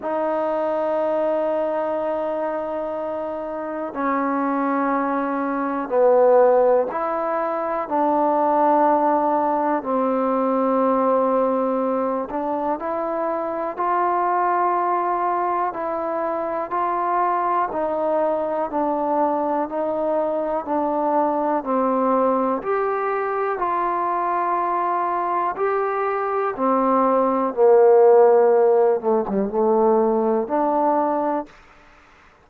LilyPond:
\new Staff \with { instrumentName = "trombone" } { \time 4/4 \tempo 4 = 61 dis'1 | cis'2 b4 e'4 | d'2 c'2~ | c'8 d'8 e'4 f'2 |
e'4 f'4 dis'4 d'4 | dis'4 d'4 c'4 g'4 | f'2 g'4 c'4 | ais4. a16 g16 a4 d'4 | }